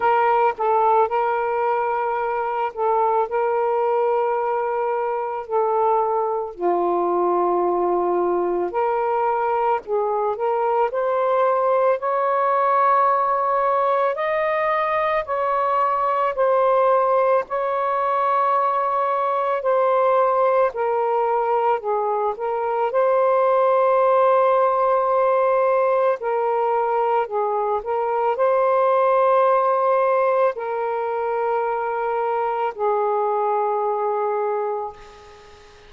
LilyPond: \new Staff \with { instrumentName = "saxophone" } { \time 4/4 \tempo 4 = 55 ais'8 a'8 ais'4. a'8 ais'4~ | ais'4 a'4 f'2 | ais'4 gis'8 ais'8 c''4 cis''4~ | cis''4 dis''4 cis''4 c''4 |
cis''2 c''4 ais'4 | gis'8 ais'8 c''2. | ais'4 gis'8 ais'8 c''2 | ais'2 gis'2 | }